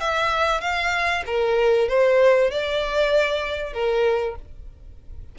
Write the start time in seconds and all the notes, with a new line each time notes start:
0.00 E5
0.61 F5
1.26 A#4
1.89 C5
2.51 D5
3.74 A#4